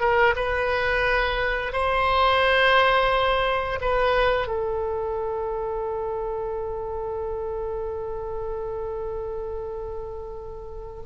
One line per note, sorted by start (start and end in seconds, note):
0.00 0.34 A#4
0.35 1.72 B4
1.72 3.79 C5
3.81 4.47 B4
4.47 11.02 A4